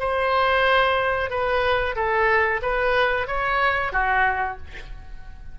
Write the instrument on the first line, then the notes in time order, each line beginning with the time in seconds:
oboe
0.00 C5
1.30 B4
1.96 A4
2.62 B4
3.28 C#5
3.92 F#4